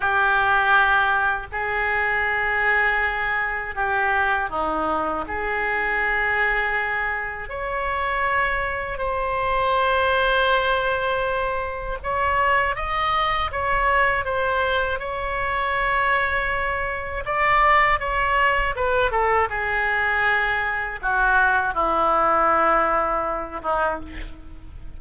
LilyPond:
\new Staff \with { instrumentName = "oboe" } { \time 4/4 \tempo 4 = 80 g'2 gis'2~ | gis'4 g'4 dis'4 gis'4~ | gis'2 cis''2 | c''1 |
cis''4 dis''4 cis''4 c''4 | cis''2. d''4 | cis''4 b'8 a'8 gis'2 | fis'4 e'2~ e'8 dis'8 | }